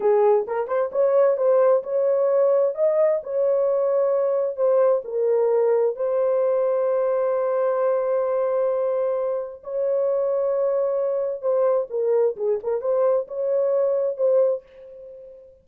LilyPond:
\new Staff \with { instrumentName = "horn" } { \time 4/4 \tempo 4 = 131 gis'4 ais'8 c''8 cis''4 c''4 | cis''2 dis''4 cis''4~ | cis''2 c''4 ais'4~ | ais'4 c''2.~ |
c''1~ | c''4 cis''2.~ | cis''4 c''4 ais'4 gis'8 ais'8 | c''4 cis''2 c''4 | }